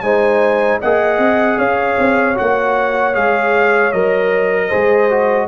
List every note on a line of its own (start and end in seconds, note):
0.00 0.79 G#3
0.00 0.81 D#4
0.00 0.80 C5
0.00 0.78 G#5
0.80 1.18 A#3
0.80 2.35 G#4
0.80 1.58 D#5
0.80 1.58 F#5
1.18 1.57 C4
1.58 1.97 C#4
1.58 4.68 C#5
1.58 2.36 F5
1.98 2.37 C4
2.35 3.15 A#3
2.35 3.12 F#4
2.35 3.14 F#5
3.13 3.93 G#3
3.13 3.91 G#4
3.13 3.92 F5
3.92 4.71 F#3
3.92 4.71 A#4
3.92 5.47 D#5
4.68 5.10 G#4
4.68 5.46 C5
4.74 5.47 G#3
5.10 5.47 F#4